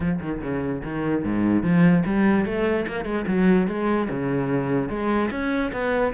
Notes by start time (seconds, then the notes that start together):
0.00 F3
0.20 D#3
0.41 C#3
0.84 D#3
1.24 G#2
1.62 F3
2.05 G3
2.45 A3
2.87 A#3
3.05 G#3
3.27 F#3
3.67 G#3
4.09 C#3
4.89 G#3
5.31 C#4
5.72 B3